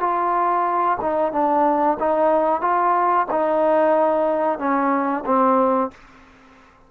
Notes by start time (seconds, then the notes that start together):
0.00 F4
1.01 D#4
1.33 D4
2.00 D#4
2.61 F4
3.31 D#4
4.59 C#4
5.26 C4